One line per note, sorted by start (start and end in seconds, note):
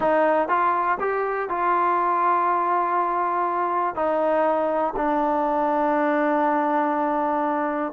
0.00 0.48 D#4
0.48 0.98 F4
1.00 1.49 G4
1.49 3.95 F4
3.95 4.94 D#4
4.96 7.92 D4